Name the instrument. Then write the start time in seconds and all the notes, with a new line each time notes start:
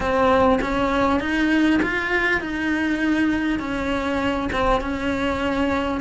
cello
0.00 C4
0.61 C#4
1.20 D#4
1.82 F4
2.40 D#4
3.59 C#4
4.52 C4
4.80 C#4